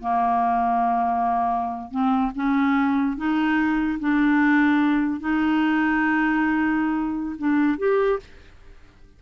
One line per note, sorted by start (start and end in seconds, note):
0.00 1.91 A#3
1.91 2.32 C4
2.35 3.17 C#4
3.17 3.99 D#4
3.99 5.20 D4
5.20 7.36 D#4
7.38 7.78 D4
7.78 8.19 G4